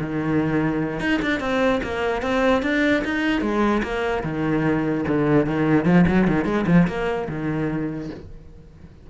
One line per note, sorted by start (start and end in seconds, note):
0.00 1.00 D#3
1.00 1.21 D#4
1.22 1.40 D4
1.40 1.81 C4
1.83 2.22 A#3
2.22 2.62 C4
2.63 3.03 D4
3.04 3.41 D#4
3.41 3.82 G#3
3.83 4.23 A#3
4.24 5.05 D#3
5.08 5.46 D3
5.46 5.85 D#3
5.85 6.05 F3
6.07 6.27 F#3
6.28 6.45 D#3
6.45 6.65 G#3
6.67 6.87 F3
6.88 7.28 A#3
7.29 8.10 D#3